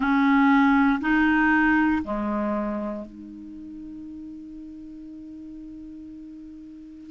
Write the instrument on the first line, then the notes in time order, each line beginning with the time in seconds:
clarinet
0.00 C#4
1.00 D#4
2.03 G#3
3.05 D#4